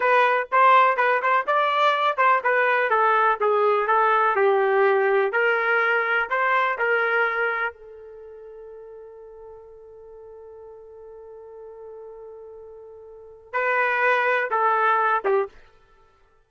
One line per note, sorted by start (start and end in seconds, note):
0.00 0.47 B4
0.51 0.97 C5
0.97 1.21 B4
1.21 1.46 C5
1.46 2.17 D5
2.17 2.41 C5
2.43 2.90 B4
2.90 3.38 A4
3.40 3.87 G#4
3.87 4.35 A4
4.35 5.32 G4
5.32 6.29 A#4
6.29 6.77 C5
6.78 7.73 A#4
7.73 13.52 A4
13.52 14.49 B4
14.50 15.23 A4
15.24 15.49 G4